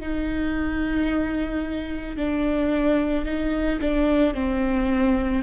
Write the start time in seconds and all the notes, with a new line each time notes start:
0.00 D#4
2.17 D4
3.25 D#4
3.81 D4
4.34 C4